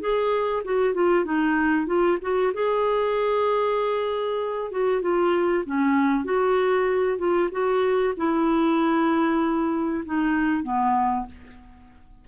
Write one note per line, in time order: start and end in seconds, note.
0.00 0.62 G#4
0.64 0.94 F#4
0.94 1.24 F4
1.24 1.86 D#4
1.86 2.18 F4
2.22 2.53 F#4
2.53 4.71 G#4
4.71 5.01 F#4
5.01 5.64 F4
5.65 6.24 C#4
6.24 7.18 F#4
7.18 7.49 F4
7.51 8.14 F#4
8.16 10.04 E4
10.05 10.63 D#4
10.63 11.26 B3